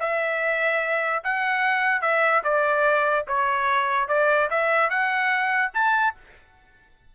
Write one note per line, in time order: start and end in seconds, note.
0.00 1.23 E5
1.24 2.01 F#5
2.01 2.42 E5
2.44 3.26 D5
3.28 4.08 C#5
4.08 4.49 D5
4.50 4.90 E5
4.90 5.72 F#5
5.74 6.15 A5